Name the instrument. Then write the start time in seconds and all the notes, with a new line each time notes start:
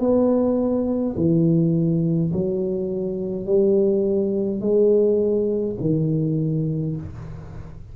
tuba
0.00 B3
1.16 E3
2.33 F#3
3.46 G3
4.60 G#3
5.81 D#3